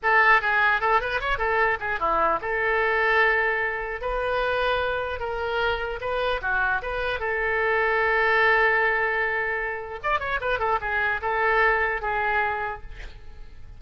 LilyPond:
\new Staff \with { instrumentName = "oboe" } { \time 4/4 \tempo 4 = 150 a'4 gis'4 a'8 b'8 cis''8 a'8~ | a'8 gis'8 e'4 a'2~ | a'2 b'2~ | b'4 ais'2 b'4 |
fis'4 b'4 a'2~ | a'1~ | a'4 d''8 cis''8 b'8 a'8 gis'4 | a'2 gis'2 | }